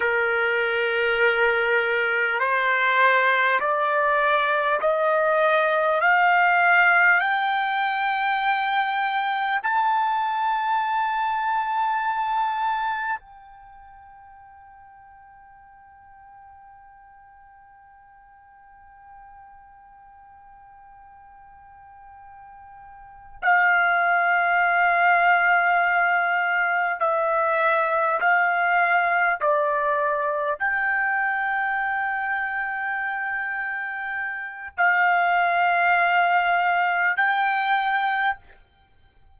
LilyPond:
\new Staff \with { instrumentName = "trumpet" } { \time 4/4 \tempo 4 = 50 ais'2 c''4 d''4 | dis''4 f''4 g''2 | a''2. g''4~ | g''1~ |
g''2.~ g''8 f''8~ | f''2~ f''8 e''4 f''8~ | f''8 d''4 g''2~ g''8~ | g''4 f''2 g''4 | }